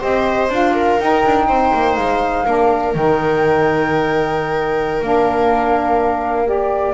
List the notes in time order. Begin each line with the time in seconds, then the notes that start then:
0.00 C4 G4 C5 D#5
0.50 D4 F4 F5
0.75 A#4
1.00 D#4 G5
1.26 D4
1.48 C4 C5
1.74 A#3
1.96 G#3 F5
2.46 A#3 D4 A#4
2.95 D#3 D#4 G5
5.02 A#3 D4 F5
6.46 G4 D5